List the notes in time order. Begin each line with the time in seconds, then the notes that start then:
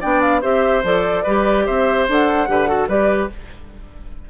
0.00 B3 D4 D5 G5
0.21 F5
0.41 C4 G4 C5 E5
0.83 F3 A4 D5
1.23 G3 G4 B4
1.66 C4 C5 E5
2.08 D4 A4 F#5
2.48 D3 G4 B4
2.67 F#4 A4
2.87 G3 G4 B4 D5